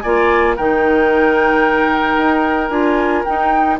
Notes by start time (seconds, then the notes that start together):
0.00 A#3 F4 D5 G#5
0.56 D#3 D#4 A#4 G5
2.16 D#4
2.69 D4 F4 G#5
3.24 D#4 G5